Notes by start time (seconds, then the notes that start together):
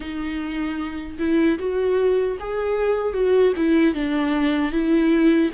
0.00 D#4
1.18 E4
1.58 F#4
2.39 G#4
3.13 F#4
3.56 E4
3.94 D4
4.72 E4